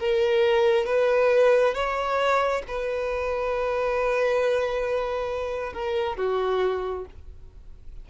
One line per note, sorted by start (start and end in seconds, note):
0.00 0.86 A#4
0.86 1.74 B4
1.74 2.63 C#5
2.68 5.74 B4
5.74 6.17 A#4
6.17 7.05 F#4